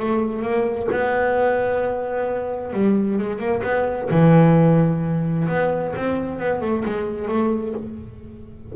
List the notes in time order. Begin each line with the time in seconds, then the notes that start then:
0.00 A3
0.43 A#3
0.92 B3
2.74 G3
3.19 G#3
3.39 A#3
3.64 B3
4.11 E3
5.49 B3
5.96 C4
6.40 B3
6.62 A3
6.86 G#3
7.29 A3